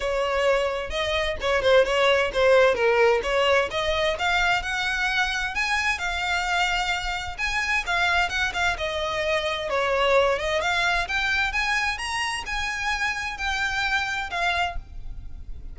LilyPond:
\new Staff \with { instrumentName = "violin" } { \time 4/4 \tempo 4 = 130 cis''2 dis''4 cis''8 c''8 | cis''4 c''4 ais'4 cis''4 | dis''4 f''4 fis''2 | gis''4 f''2. |
gis''4 f''4 fis''8 f''8 dis''4~ | dis''4 cis''4. dis''8 f''4 | g''4 gis''4 ais''4 gis''4~ | gis''4 g''2 f''4 | }